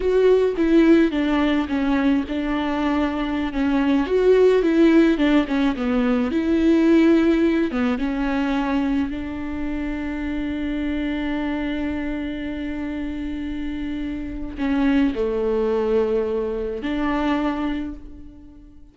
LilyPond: \new Staff \with { instrumentName = "viola" } { \time 4/4 \tempo 4 = 107 fis'4 e'4 d'4 cis'4 | d'2~ d'16 cis'4 fis'8.~ | fis'16 e'4 d'8 cis'8 b4 e'8.~ | e'4.~ e'16 b8 cis'4.~ cis'16~ |
cis'16 d'2.~ d'8.~ | d'1~ | d'2 cis'4 a4~ | a2 d'2 | }